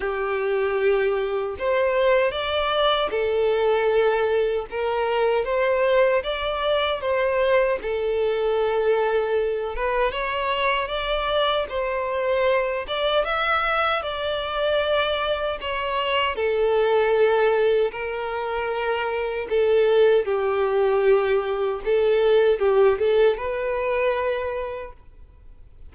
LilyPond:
\new Staff \with { instrumentName = "violin" } { \time 4/4 \tempo 4 = 77 g'2 c''4 d''4 | a'2 ais'4 c''4 | d''4 c''4 a'2~ | a'8 b'8 cis''4 d''4 c''4~ |
c''8 d''8 e''4 d''2 | cis''4 a'2 ais'4~ | ais'4 a'4 g'2 | a'4 g'8 a'8 b'2 | }